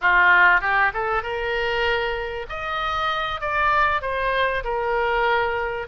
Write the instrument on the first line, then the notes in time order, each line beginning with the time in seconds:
oboe
0.01 F4
0.60 G4
0.93 A4
1.22 A#4
2.49 D#5
3.40 D5
4.01 C5
4.64 A#4